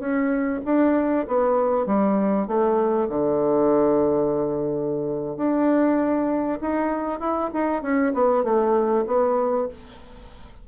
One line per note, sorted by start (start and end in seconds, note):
0.00 0.61 C#4
0.66 1.27 D4
1.28 1.86 B3
1.86 2.48 G3
2.48 3.09 A3
3.09 5.37 D3
5.37 6.60 D4
6.61 7.20 D#4
7.20 7.51 E4
7.54 7.83 D#4
7.83 8.13 C#4
8.14 8.44 B3
8.44 9.05 A3
9.07 9.68 B3